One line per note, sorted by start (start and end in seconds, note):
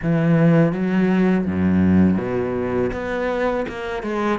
0.02 0.72 E3
0.72 1.45 F#3
1.46 2.18 F#2
2.18 2.91 B2
2.92 3.66 B3
3.68 4.02 A#3
4.02 4.39 G#3